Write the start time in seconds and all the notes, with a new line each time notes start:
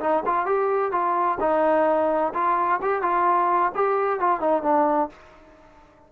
0.00 D#4
0.26 F4
0.46 G4
0.92 F4
1.40 D#4
2.34 F4
2.82 G4
3.02 F4
3.75 G4
4.20 F4
4.40 D#4
4.63 D4